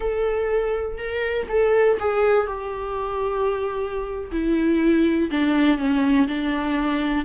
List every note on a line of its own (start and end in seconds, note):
0.00 0.97 A4
0.97 1.47 A#4
1.49 1.98 A4
1.99 2.46 G#4
2.46 4.31 G4
4.31 5.30 E4
5.30 5.78 D4
5.78 6.27 C#4
6.27 7.25 D4